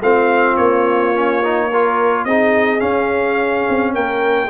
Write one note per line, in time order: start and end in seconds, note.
0.00 0.56 A3
0.00 1.14 C4
0.00 1.68 F4
0.00 0.57 F5
0.57 2.25 A#3
0.57 2.24 C#5
1.14 1.43 C#4
1.43 1.71 D#4
1.68 2.29 F4
1.68 2.25 A#4
2.24 2.81 C4
2.24 2.79 D#4
2.24 3.93 G#4
2.24 2.80 D#5
2.79 4.48 C#4
2.79 3.66 C#4
2.79 3.92 F5
3.69 3.95 C4
3.93 4.49 A#3
3.93 4.49 A#4
3.93 4.49 G5